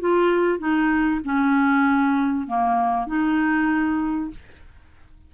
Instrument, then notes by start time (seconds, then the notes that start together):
clarinet
0.00 F4
0.59 D#4
1.24 C#4
2.47 A#3
3.07 D#4